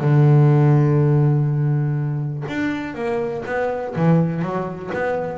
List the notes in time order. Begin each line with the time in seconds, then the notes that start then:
0.00 D3
2.48 D4
2.94 A#3
3.45 B3
3.95 E3
4.41 F#3
4.93 B3